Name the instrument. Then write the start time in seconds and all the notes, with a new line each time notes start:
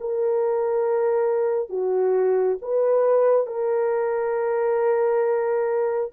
horn
0.00 A#4
1.70 F#4
2.61 B4
3.47 A#4